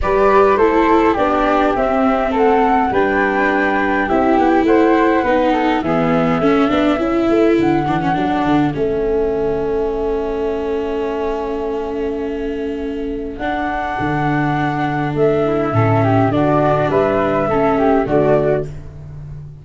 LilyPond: <<
  \new Staff \with { instrumentName = "flute" } { \time 4/4 \tempo 4 = 103 d''4 c''4 d''4 e''4 | fis''4 g''2 e''8 fis''16 g''16 | fis''2 e''2~ | e''4 fis''2 e''4~ |
e''1~ | e''2. fis''4~ | fis''2 e''2 | d''4 e''2 d''4 | }
  \new Staff \with { instrumentName = "flute" } { \time 4/4 b'4 a'4 g'2 | a'4 b'2 g'4 | c''4 b'8 a'8 gis'4 a'4~ | a'1~ |
a'1~ | a'1~ | a'2~ a'8 e'8 a'8 g'8 | fis'4 b'4 a'8 g'8 fis'4 | }
  \new Staff \with { instrumentName = "viola" } { \time 4/4 g'4 e'4 d'4 c'4~ | c'4 d'2 e'4~ | e'4 dis'4 b4 cis'8 d'8 | e'4. d'16 cis'16 d'4 cis'4~ |
cis'1~ | cis'2. d'4~ | d'2. cis'4 | d'2 cis'4 a4 | }
  \new Staff \with { instrumentName = "tuba" } { \time 4/4 g4 a4 b4 c'4 | a4 g2 c'8 b8 | a4 b4 e4 a8 b8 | cis'8 a8 d8 e8 fis8 d8 a4~ |
a1~ | a2. d'4 | d2 a4 a,4 | d4 g4 a4 d4 | }
>>